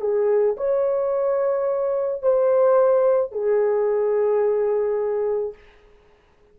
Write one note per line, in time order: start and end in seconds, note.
0.00 0.56 G#4
0.57 2.22 C#5
2.22 3.31 C5
3.31 5.54 G#4